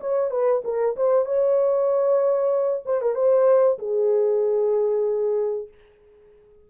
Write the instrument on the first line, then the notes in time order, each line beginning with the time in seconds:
horn
0.00 C#5
0.30 B4
0.64 A#4
0.96 C5
1.25 C#5
2.86 C5
3.01 A#4
3.15 C5
3.79 G#4